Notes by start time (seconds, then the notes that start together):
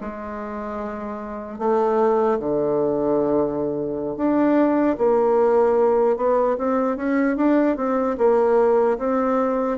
0.00 G#3
1.58 A3
2.39 D3
4.16 D4
4.97 A#3
6.16 B3
6.57 C4
6.96 C#4
7.36 D4
7.76 C4
8.17 A#3
8.98 C4